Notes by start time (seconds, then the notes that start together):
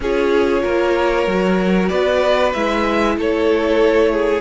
0.00 C#4 F4 G#4 C#5
0.62 A#3 A#4
1.26 F#3 F#4
1.88 B3 B4 D5
2.53 G#3 E4 E5
3.17 A3 A4 C#5
4.12 G#4